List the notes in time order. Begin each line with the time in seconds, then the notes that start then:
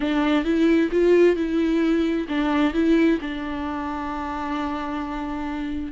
0.00 D4
0.44 E4
0.91 F4
1.35 E4
2.28 D4
2.73 E4
3.21 D4